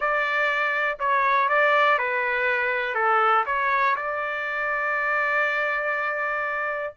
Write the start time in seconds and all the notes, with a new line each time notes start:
0.00 D5
0.99 C#5
1.48 D5
1.98 B4
2.94 A4
3.46 C#5
3.95 D5